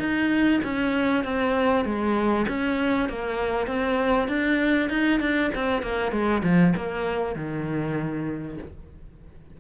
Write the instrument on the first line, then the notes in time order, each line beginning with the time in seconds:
cello
0.00 D#4
0.64 C#4
1.25 C4
1.86 G#3
2.49 C#4
3.09 A#3
3.68 C4
4.29 D4
4.90 D#4
5.21 D4
5.55 C4
5.83 A#3
6.12 G#3
6.43 F3
6.77 A#3
7.36 D#3